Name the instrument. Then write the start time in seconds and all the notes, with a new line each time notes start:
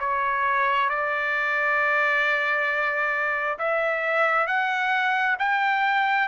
trumpet
0.00 C#5
0.90 D5
3.59 E5
4.47 F#5
5.39 G5